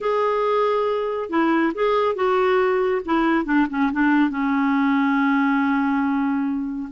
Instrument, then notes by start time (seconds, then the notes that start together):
clarinet
0.00 G#4
1.29 E4
1.74 G#4
2.15 F#4
3.05 E4
3.45 D4
3.69 C#4
3.92 D4
4.30 C#4